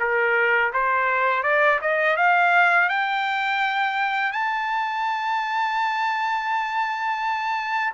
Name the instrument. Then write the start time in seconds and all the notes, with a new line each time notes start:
trumpet
0.00 A#4
0.73 C5
1.43 D5
1.82 D#5
2.17 F5
2.89 G5
4.32 A5